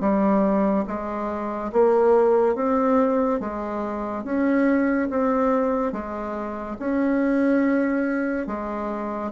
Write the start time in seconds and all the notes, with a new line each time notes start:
0.00 G3
0.86 G#3
1.72 A#3
2.55 C4
3.40 G#3
4.24 C#4
5.09 C4
5.92 G#3
6.79 C#4
8.47 G#3